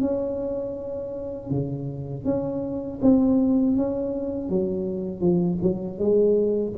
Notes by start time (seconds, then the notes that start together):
0.00 C#4
1.50 C#3
2.24 C#4
3.01 C4
3.76 C#4
4.49 F#3
5.20 F3
5.62 F#3
5.98 G#3